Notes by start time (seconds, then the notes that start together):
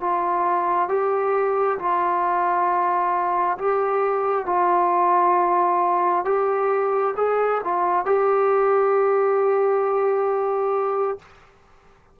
0.00 F4
0.88 G4
1.79 F4
3.58 G4
4.46 F4
6.25 G4
7.16 G#4
7.64 F4
8.05 G4